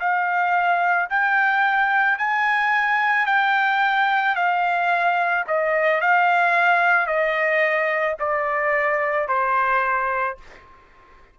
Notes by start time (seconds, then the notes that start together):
0.00 F5
1.10 G5
2.18 G#5
3.26 G5
4.35 F5
5.47 D#5
6.01 F5
7.07 D#5
8.19 D5
9.28 C5